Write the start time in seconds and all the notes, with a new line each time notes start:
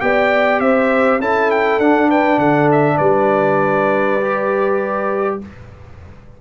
0.00 B3 G4 D5 G5
0.60 C4 C5 E5
1.19 C#4 E4 A4 A5
1.51 G5
1.78 D4 F#5
2.09 B4 G5
2.38 D3 A4 F#5
2.71 E5
2.97 G3 B4 D5
4.21 G4